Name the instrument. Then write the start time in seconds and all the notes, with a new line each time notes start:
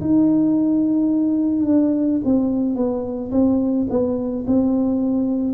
tuba
0.00 D#4
1.66 D4
2.24 C4
2.75 B3
3.31 C4
3.89 B3
4.47 C4